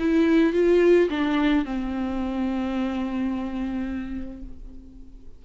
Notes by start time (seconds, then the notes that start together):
0.00 E4
0.54 F4
1.10 D4
1.65 C4